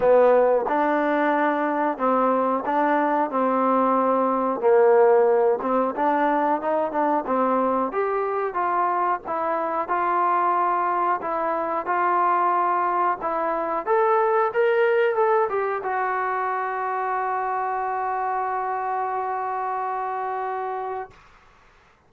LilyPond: \new Staff \with { instrumentName = "trombone" } { \time 4/4 \tempo 4 = 91 b4 d'2 c'4 | d'4 c'2 ais4~ | ais8 c'8 d'4 dis'8 d'8 c'4 | g'4 f'4 e'4 f'4~ |
f'4 e'4 f'2 | e'4 a'4 ais'4 a'8 g'8 | fis'1~ | fis'1 | }